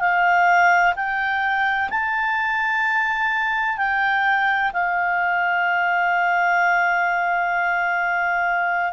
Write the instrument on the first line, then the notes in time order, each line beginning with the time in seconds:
clarinet
0.00 F5
0.96 G5
1.90 A5
3.78 G5
4.73 F5